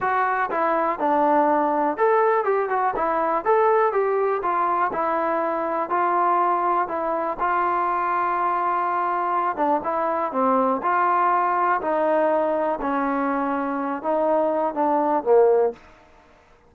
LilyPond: \new Staff \with { instrumentName = "trombone" } { \time 4/4 \tempo 4 = 122 fis'4 e'4 d'2 | a'4 g'8 fis'8 e'4 a'4 | g'4 f'4 e'2 | f'2 e'4 f'4~ |
f'2.~ f'8 d'8 | e'4 c'4 f'2 | dis'2 cis'2~ | cis'8 dis'4. d'4 ais4 | }